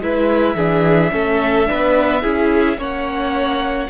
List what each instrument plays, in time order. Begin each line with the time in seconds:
0.00 cello G#3, viola E4, violin B4 E5
0.55 cello E3, viola D4, violin G#4
1.11 cello A3, viola C#4, violin A4
1.66 cello B3, viola D4, violin B4
2.22 cello C#4, viola E4, violin G#4
2.77 cello A#3, viola C#4, violin C#5 F#5